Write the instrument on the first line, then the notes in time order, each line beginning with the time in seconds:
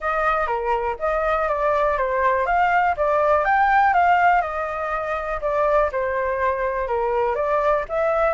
flute
0.00 D#5
0.46 A#4
0.99 D#5
1.48 D5
1.97 C5
2.46 F5
2.96 D5
3.44 G5
3.93 F5
4.42 D#5
5.41 D5
5.92 C5
6.87 A#4
7.35 D5
7.88 E5